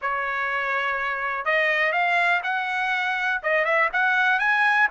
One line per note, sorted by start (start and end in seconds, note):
0.01 1.45 C#5
1.45 1.92 D#5
1.92 2.41 F5
2.43 3.41 F#5
3.43 3.65 D#5
3.65 3.89 E5
3.92 4.39 F#5
4.39 4.88 G#5